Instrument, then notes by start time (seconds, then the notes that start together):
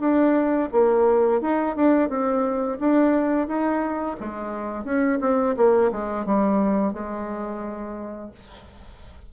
bassoon
0.00 D4
0.72 A#3
1.41 D#4
1.76 D4
2.09 C4
2.79 D4
3.47 D#4
4.20 G#3
4.84 C#4
5.21 C4
5.57 A#3
5.92 G#3
6.25 G3
6.93 G#3